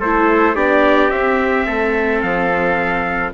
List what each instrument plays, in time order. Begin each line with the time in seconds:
0.00 bassoon A3, viola E4, trumpet A4 C5
0.55 bassoon B3, viola D4, trumpet G4 D5
1.10 bassoon C4, viola C4, trumpet E5
1.66 bassoon A3, trumpet A4
2.22 bassoon F3, trumpet F5